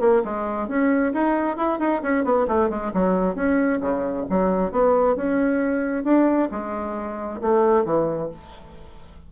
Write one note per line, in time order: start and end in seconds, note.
0.00 0.22 A#3
0.25 0.68 G#3
0.68 1.13 C#4
1.13 1.57 D#4
1.57 1.79 E4
1.79 2.02 D#4
2.03 2.24 C#4
2.24 2.47 B3
2.48 2.70 A3
2.70 2.92 G#3
2.93 3.35 F#3
3.35 3.80 C#4
3.81 4.26 C#3
4.30 4.72 F#3
4.72 5.16 B3
5.16 6.04 C#4
6.04 6.49 D4
6.51 7.41 G#3
7.41 7.85 A3
7.85 8.30 E3